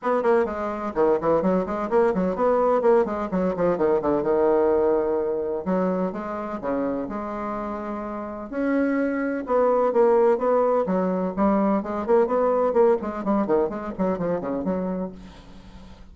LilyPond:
\new Staff \with { instrumentName = "bassoon" } { \time 4/4 \tempo 4 = 127 b8 ais8 gis4 dis8 e8 fis8 gis8 | ais8 fis8 b4 ais8 gis8 fis8 f8 | dis8 d8 dis2. | fis4 gis4 cis4 gis4~ |
gis2 cis'2 | b4 ais4 b4 fis4 | g4 gis8 ais8 b4 ais8 gis8 | g8 dis8 gis8 fis8 f8 cis8 fis4 | }